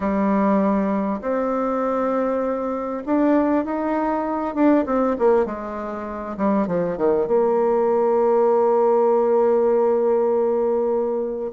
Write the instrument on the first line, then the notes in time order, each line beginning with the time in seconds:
bassoon
0.00 G3
1.21 C4
3.06 D4
3.64 D#4
4.54 D4
4.86 C4
5.18 A#3
5.45 G#3
6.37 G3
6.67 F3
6.97 D#3
7.27 A#3